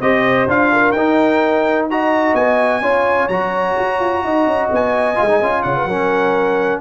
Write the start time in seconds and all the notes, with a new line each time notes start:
0.00 C4 G4 C5 D#5
0.47 D4 F4 F5
0.72 A#4
0.92 D#4 G5
1.90 F#4 D#5 A#5
2.34 B3 G#5
2.81 C#4 F4 C#5
3.28 F#3 F#4 A#5
3.78 F#4
4.00 F4
4.24 D#4 D#5
4.46 C#4
4.71 B3 G#5
5.15 G#3 F4
5.28 D#4
5.41 C#4 F4
5.62 C#3 C#5 F#5
5.76 B4
5.84 F#3 C#4 A#4